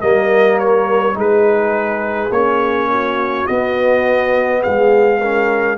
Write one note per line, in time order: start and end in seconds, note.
0.00 1.16 G3
0.00 1.13 A#3
0.00 1.15 A#4
0.00 0.58 D#5
0.58 1.16 C#5
1.13 2.30 G#3
1.13 2.29 D#4
1.13 2.90 G#4
1.13 2.31 B4
2.30 3.45 A#3
2.30 3.48 C#4
2.30 3.46 C#5
2.92 4.61 F#4
3.46 5.21 B3
3.46 4.64 B3
3.46 4.62 D#5
4.61 5.77 G#3
4.61 5.19 G#4
4.61 5.77 F5
5.19 5.77 C#4
5.19 5.77 A#4